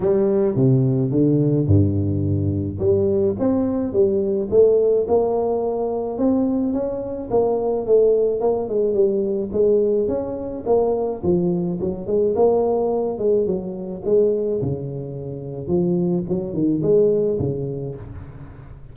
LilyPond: \new Staff \with { instrumentName = "tuba" } { \time 4/4 \tempo 4 = 107 g4 c4 d4 g,4~ | g,4 g4 c'4 g4 | a4 ais2 c'4 | cis'4 ais4 a4 ais8 gis8 |
g4 gis4 cis'4 ais4 | f4 fis8 gis8 ais4. gis8 | fis4 gis4 cis2 | f4 fis8 dis8 gis4 cis4 | }